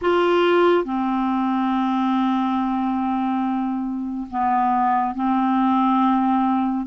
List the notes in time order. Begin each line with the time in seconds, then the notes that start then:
0.01 F4
0.84 C4
4.30 B3
5.14 C4